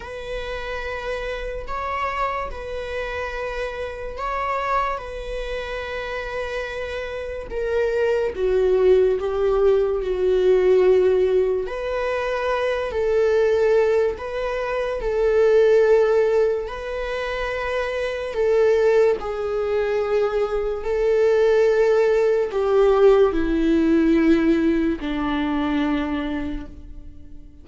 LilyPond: \new Staff \with { instrumentName = "viola" } { \time 4/4 \tempo 4 = 72 b'2 cis''4 b'4~ | b'4 cis''4 b'2~ | b'4 ais'4 fis'4 g'4 | fis'2 b'4. a'8~ |
a'4 b'4 a'2 | b'2 a'4 gis'4~ | gis'4 a'2 g'4 | e'2 d'2 | }